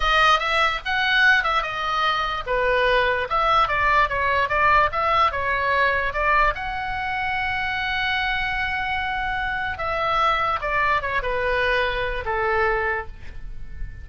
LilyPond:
\new Staff \with { instrumentName = "oboe" } { \time 4/4 \tempo 4 = 147 dis''4 e''4 fis''4. e''8 | dis''2 b'2 | e''4 d''4 cis''4 d''4 | e''4 cis''2 d''4 |
fis''1~ | fis''1 | e''2 d''4 cis''8 b'8~ | b'2 a'2 | }